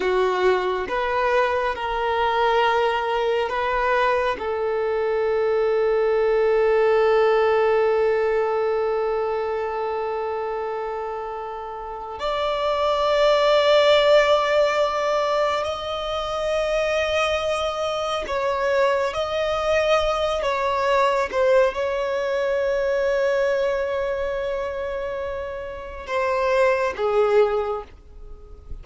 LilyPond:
\new Staff \with { instrumentName = "violin" } { \time 4/4 \tempo 4 = 69 fis'4 b'4 ais'2 | b'4 a'2.~ | a'1~ | a'2 d''2~ |
d''2 dis''2~ | dis''4 cis''4 dis''4. cis''8~ | cis''8 c''8 cis''2.~ | cis''2 c''4 gis'4 | }